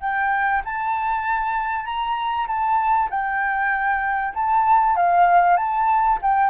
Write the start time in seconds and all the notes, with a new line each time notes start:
0.00 G5
0.65 A5
1.85 A#5
2.47 A5
3.10 G5
4.34 A5
4.96 F5
5.56 A5
6.21 G5